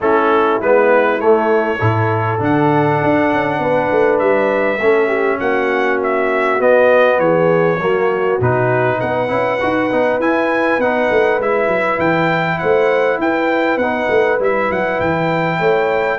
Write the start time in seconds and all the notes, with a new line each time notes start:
0.00 A3 C#4 E4 A4
0.61 G#3 B3 B4
1.19 A3 C#5
1.78 A2 E4 A4
2.38 D3 D4 F#5
3.02 D4
3.32 C#4
3.58 B3 B4
3.91 A3
4.18 G3 E5
4.78 A3 C#4 A4
5.07 G4
5.39 A#3 F#4 F#5
6.03 E5
6.59 B3 D#5
7.18 E3 G#4 C#5
7.76 F#3 A#3 F#4
8.40 B2 D#4 B4
8.98 B3 B4 F#5
9.28 C#4 E4
9.60 D#4 F#4
9.90 B3 D#4
10.19 E4 G#5
10.78 B3 D#4 F#5
11.10 A3
11.39 G#3 E4 E5
11.67 F#3
11.98 E3 G5
12.58 A3 C5 F#5
13.18 E4 B4 G5
13.77 B3 D#4 F#5
14.09 A3
14.39 G3 E4 E5
14.70 F#3 F#5
15.00 E3 G5
15.59 A3 C#5